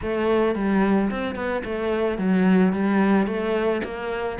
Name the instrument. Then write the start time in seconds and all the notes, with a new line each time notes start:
cello
0.01 A3
0.55 G3
1.10 C4
1.35 B3
1.64 A3
2.18 F#3
2.72 G3
3.27 A3
3.84 A#3